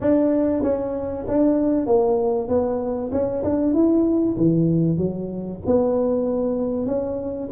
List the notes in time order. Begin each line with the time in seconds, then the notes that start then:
0.00 D4
0.62 C#4
1.27 D4
1.86 A#3
2.48 B3
3.12 C#4
3.43 D4
3.73 E4
4.37 E3
4.97 F#3
5.66 B3
6.86 C#4